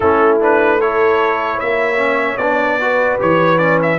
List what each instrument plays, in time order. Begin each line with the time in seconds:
0.00 tuba A3, trombone C#4, horn E4, trumpet A4
0.40 trombone D4, trumpet B4
0.79 trombone E4, horn A4, trumpet C#5
1.56 horn C#5, trumpet E5
1.62 tuba A#3
1.96 trombone C#4
2.37 tuba B3, trombone D4, trumpet D5
2.80 trombone F#4, horn B4
3.19 tuba E3, trombone G4, trumpet C#5
3.58 trombone C#4, trumpet D5
3.82 trumpet E5